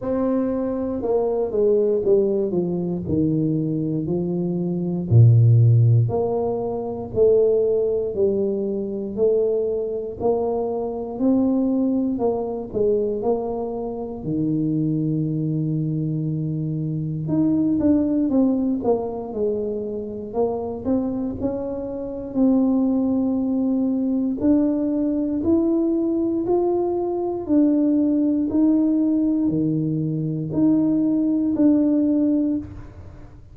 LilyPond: \new Staff \with { instrumentName = "tuba" } { \time 4/4 \tempo 4 = 59 c'4 ais8 gis8 g8 f8 dis4 | f4 ais,4 ais4 a4 | g4 a4 ais4 c'4 | ais8 gis8 ais4 dis2~ |
dis4 dis'8 d'8 c'8 ais8 gis4 | ais8 c'8 cis'4 c'2 | d'4 e'4 f'4 d'4 | dis'4 dis4 dis'4 d'4 | }